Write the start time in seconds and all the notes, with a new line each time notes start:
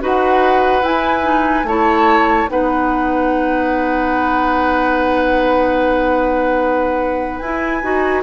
0.00 D#4 F#4 B4 F#5
0.82 E4 G#5
1.23 D#4
1.63 A3 E4 C#5 A5
2.47 B3 D#4 B4 F#5
7.39 E4 G#5
7.82 D#4 F#4